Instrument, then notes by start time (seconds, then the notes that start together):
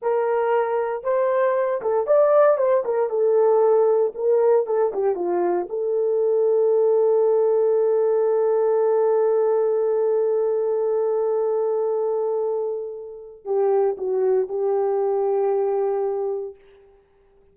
horn
0.01 A#4
1.03 C5
1.81 A4
2.07 D5
2.57 C5
2.84 A#4
3.09 A4
4.14 A#4
4.66 A4
4.93 G4
5.15 F4
5.69 A4
13.44 G4
13.97 F#4
14.48 G4